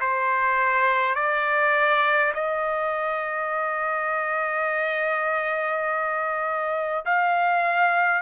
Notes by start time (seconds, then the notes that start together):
0.00 C5
1.15 D5
2.35 D#5
7.05 F5